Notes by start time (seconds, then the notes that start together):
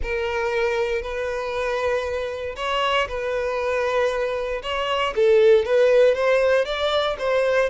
0.02 A#4
1.01 B4
2.56 C#5
3.08 B4
4.62 C#5
5.15 A4
5.65 B4
6.14 C5
6.65 D5
7.18 C5